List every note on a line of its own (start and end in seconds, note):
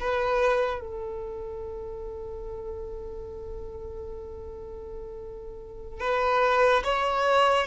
0.00 0.80 B4
0.80 6.00 A4
6.00 6.83 B4
6.84 7.67 C#5